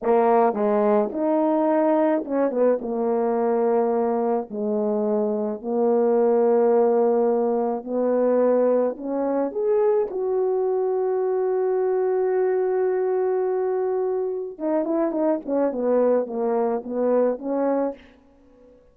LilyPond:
\new Staff \with { instrumentName = "horn" } { \time 4/4 \tempo 4 = 107 ais4 gis4 dis'2 | cis'8 b8 ais2. | gis2 ais2~ | ais2 b2 |
cis'4 gis'4 fis'2~ | fis'1~ | fis'2 dis'8 e'8 dis'8 cis'8 | b4 ais4 b4 cis'4 | }